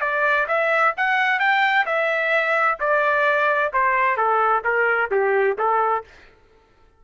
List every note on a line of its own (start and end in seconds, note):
0.00 0.46 D5
0.47 0.94 E5
0.97 1.39 F#5
1.39 1.85 G5
1.85 2.78 E5
2.79 3.72 D5
3.73 4.17 C5
4.17 4.63 A4
4.64 5.10 A#4
5.10 5.57 G4
5.58 6.04 A4